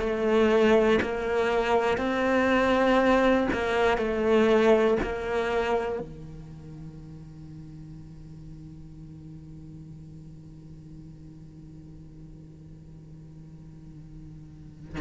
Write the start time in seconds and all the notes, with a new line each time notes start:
0.00 A3
1.02 A#3
1.98 C4
3.53 A#3
3.98 A3
5.03 A#3
6.00 D#3